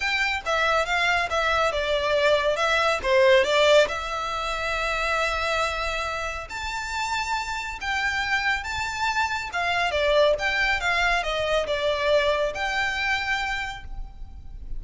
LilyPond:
\new Staff \with { instrumentName = "violin" } { \time 4/4 \tempo 4 = 139 g''4 e''4 f''4 e''4 | d''2 e''4 c''4 | d''4 e''2.~ | e''2. a''4~ |
a''2 g''2 | a''2 f''4 d''4 | g''4 f''4 dis''4 d''4~ | d''4 g''2. | }